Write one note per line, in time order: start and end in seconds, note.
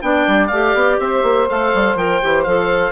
0.00 0.26 B3
0.00 0.49 D4
0.00 1.00 D5
0.00 0.47 G5
0.27 0.51 G3
0.47 0.74 A3
0.47 1.48 G4
0.47 0.96 F5
0.74 0.98 B3
0.99 1.22 C4
0.99 2.91 C5
0.99 1.48 E5
1.22 1.47 A#3
1.48 1.74 A3
1.48 1.96 A4
1.48 1.97 F5
1.74 1.95 G3
1.95 2.19 F3
1.95 2.21 A#4
1.95 2.43 G5
2.22 2.46 E3
2.22 2.46 G4
2.43 2.91 F3
2.43 2.91 A4
2.43 2.91 F5